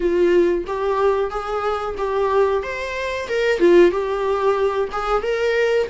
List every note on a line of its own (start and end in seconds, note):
0.00 0.64 F4
0.66 1.30 G4
1.30 1.95 G#4
1.97 2.62 G4
2.62 3.28 C5
3.28 3.59 A#4
3.59 3.91 F4
3.91 4.89 G4
4.92 5.22 G#4
5.22 5.87 A#4